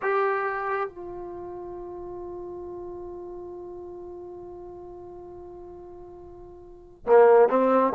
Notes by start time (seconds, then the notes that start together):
0.02 G4
0.89 F4
7.06 A#3
7.48 C4